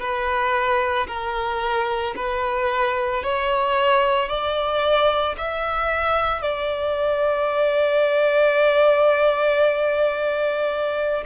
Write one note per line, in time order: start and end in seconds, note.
0.00 1.07 B4
1.08 2.15 A#4
2.16 3.23 B4
3.23 4.29 C#5
4.29 5.36 D5
5.38 6.42 E5
6.42 11.25 D5